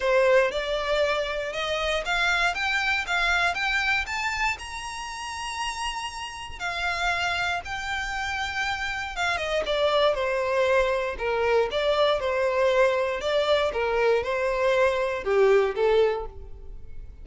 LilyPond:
\new Staff \with { instrumentName = "violin" } { \time 4/4 \tempo 4 = 118 c''4 d''2 dis''4 | f''4 g''4 f''4 g''4 | a''4 ais''2.~ | ais''4 f''2 g''4~ |
g''2 f''8 dis''8 d''4 | c''2 ais'4 d''4 | c''2 d''4 ais'4 | c''2 g'4 a'4 | }